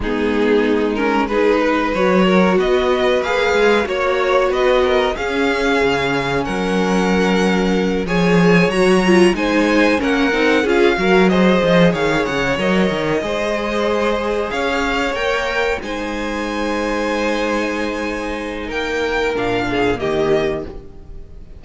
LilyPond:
<<
  \new Staff \with { instrumentName = "violin" } { \time 4/4 \tempo 4 = 93 gis'4. ais'8 b'4 cis''4 | dis''4 f''4 cis''4 dis''4 | f''2 fis''2~ | fis''8 gis''4 ais''4 gis''4 fis''8~ |
fis''8 f''4 dis''4 f''8 fis''8 dis''8~ | dis''2~ dis''8 f''4 g''8~ | g''8 gis''2.~ gis''8~ | gis''4 g''4 f''4 dis''4 | }
  \new Staff \with { instrumentName = "violin" } { \time 4/4 dis'2 gis'8 b'4 ais'8 | b'2 cis''4 b'8 ais'8 | gis'2 ais'2~ | ais'8 cis''2 c''4 ais'8~ |
ais'8 gis'8 ais'8 c''4 cis''4.~ | cis''8 c''2 cis''4.~ | cis''8 c''2.~ c''8~ | c''4 ais'4. gis'8 g'4 | }
  \new Staff \with { instrumentName = "viola" } { \time 4/4 b4. cis'8 dis'4 fis'4~ | fis'4 gis'4 fis'2 | cis'1~ | cis'8 gis'4 fis'8 f'8 dis'4 cis'8 |
dis'8 f'8 fis'8 gis'2 ais'8~ | ais'8 gis'2. ais'8~ | ais'8 dis'2.~ dis'8~ | dis'2 d'4 ais4 | }
  \new Staff \with { instrumentName = "cello" } { \time 4/4 gis2. fis4 | b4 ais8 gis8 ais4 b4 | cis'4 cis4 fis2~ | fis8 f4 fis4 gis4 ais8 |
c'8 cis'8 fis4 f8 dis8 cis8 fis8 | dis8 gis2 cis'4 ais8~ | ais8 gis2.~ gis8~ | gis4 ais4 ais,4 dis4 | }
>>